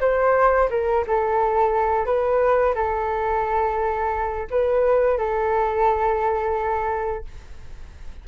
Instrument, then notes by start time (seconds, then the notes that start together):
flute
0.00 C5
0.70 A#4
1.07 A4
2.05 B4
2.75 A4
4.50 B4
5.18 A4